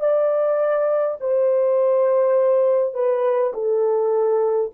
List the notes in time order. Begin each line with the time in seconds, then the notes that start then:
0.00 D5
1.21 C5
2.94 B4
3.53 A4